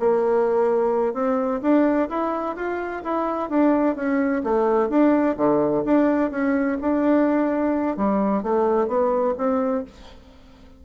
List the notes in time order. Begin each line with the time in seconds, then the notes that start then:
0.00 A#3
1.14 C4
1.62 D4
2.09 E4
2.56 F4
3.04 E4
3.50 D4
3.96 C#4
4.44 A3
4.89 D4
5.37 D3
5.85 D4
6.31 C#4
6.81 D4
7.97 G3
8.43 A3
8.88 B3
9.38 C4